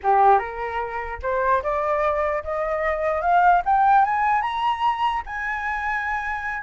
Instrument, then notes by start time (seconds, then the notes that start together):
flute
0.03 G4
0.38 A#4
1.22 C5
1.62 D5
2.43 D#5
3.21 F5
3.65 G5
4.04 G#5
4.41 A#5
5.26 G#5